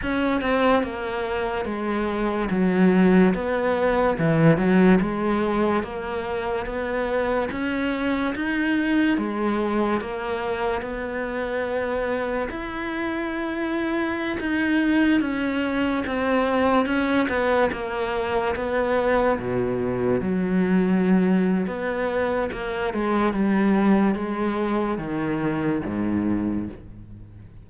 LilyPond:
\new Staff \with { instrumentName = "cello" } { \time 4/4 \tempo 4 = 72 cis'8 c'8 ais4 gis4 fis4 | b4 e8 fis8 gis4 ais4 | b4 cis'4 dis'4 gis4 | ais4 b2 e'4~ |
e'4~ e'16 dis'4 cis'4 c'8.~ | c'16 cis'8 b8 ais4 b4 b,8.~ | b,16 fis4.~ fis16 b4 ais8 gis8 | g4 gis4 dis4 gis,4 | }